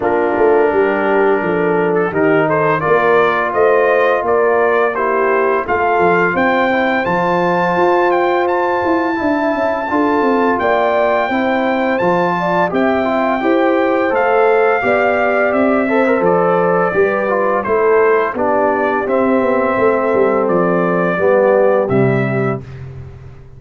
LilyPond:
<<
  \new Staff \with { instrumentName = "trumpet" } { \time 4/4 \tempo 4 = 85 ais'2~ ais'8. a'16 ais'8 c''8 | d''4 dis''4 d''4 c''4 | f''4 g''4 a''4. g''8 | a''2. g''4~ |
g''4 a''4 g''2 | f''2 e''4 d''4~ | d''4 c''4 d''4 e''4~ | e''4 d''2 e''4 | }
  \new Staff \with { instrumentName = "horn" } { \time 4/4 f'4 g'4 a'4 g'8 a'8 | ais'4 c''4 ais'4 g'4 | a'4 c''2.~ | c''4 e''4 a'4 d''4 |
c''4. d''8 e''4 c''4~ | c''4 d''4. c''4. | b'4 a'4 g'2 | a'2 g'2 | }
  \new Staff \with { instrumentName = "trombone" } { \time 4/4 d'2. dis'4 | f'2. e'4 | f'4. e'8 f'2~ | f'4 e'4 f'2 |
e'4 f'4 g'8 f'8 g'4 | a'4 g'4. a'16 ais'16 a'4 | g'8 f'8 e'4 d'4 c'4~ | c'2 b4 g4 | }
  \new Staff \with { instrumentName = "tuba" } { \time 4/4 ais8 a8 g4 f4 dis4 | ais4 a4 ais2 | a8 f8 c'4 f4 f'4~ | f'8 e'8 d'8 cis'8 d'8 c'8 ais4 |
c'4 f4 c'4 e'4 | a4 b4 c'4 f4 | g4 a4 b4 c'8 b8 | a8 g8 f4 g4 c4 | }
>>